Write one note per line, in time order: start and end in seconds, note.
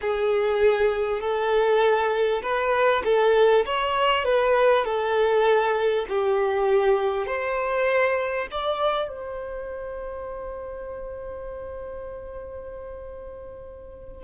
0.01 1.20 G#4
1.20 2.42 A4
2.42 3.02 B4
3.04 3.65 A4
3.65 4.25 C#5
4.25 4.85 B4
4.85 6.06 A4
6.09 7.26 G4
7.26 8.47 C5
8.51 9.08 D5
9.08 14.23 C5